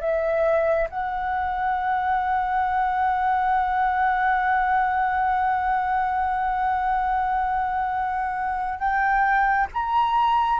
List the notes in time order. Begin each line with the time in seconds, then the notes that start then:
0.00 E5
0.89 F#5
8.79 G5
9.73 A#5